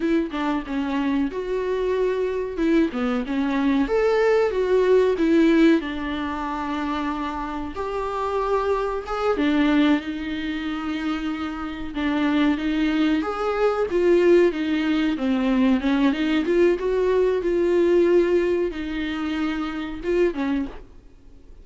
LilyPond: \new Staff \with { instrumentName = "viola" } { \time 4/4 \tempo 4 = 93 e'8 d'8 cis'4 fis'2 | e'8 b8 cis'4 a'4 fis'4 | e'4 d'2. | g'2 gis'8 d'4 dis'8~ |
dis'2~ dis'8 d'4 dis'8~ | dis'8 gis'4 f'4 dis'4 c'8~ | c'8 cis'8 dis'8 f'8 fis'4 f'4~ | f'4 dis'2 f'8 cis'8 | }